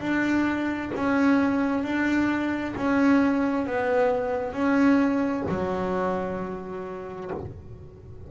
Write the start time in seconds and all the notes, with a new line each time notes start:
0.00 D4
0.95 C#4
1.83 D4
2.76 C#4
3.66 B3
4.52 C#4
5.49 F#3